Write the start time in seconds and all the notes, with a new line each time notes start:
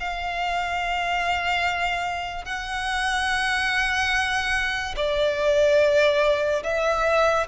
0.00 F5
2.45 F#5
4.97 D5
6.64 E5